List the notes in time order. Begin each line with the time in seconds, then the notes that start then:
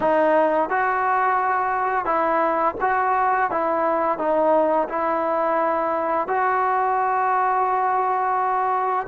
0.00 D#4
0.69 F#4
2.05 E4
2.81 F#4
3.50 E4
4.18 D#4
4.88 E4
6.27 F#4